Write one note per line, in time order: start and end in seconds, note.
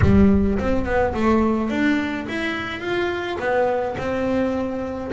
0.01 0.58 G3
0.58 0.85 C4
0.85 1.13 B3
1.14 1.70 A3
1.70 2.26 D4
2.28 2.80 E4
2.80 3.37 F4
3.39 3.96 B3
3.98 5.11 C4